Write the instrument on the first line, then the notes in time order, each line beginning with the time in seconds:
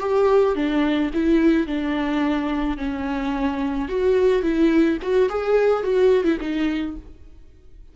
viola
0.00 G4
0.56 D4
1.14 E4
1.67 D4
2.78 C#4
3.89 F#4
4.43 E4
5.03 F#4
5.30 G#4
5.84 F#4
6.24 E4
6.41 D#4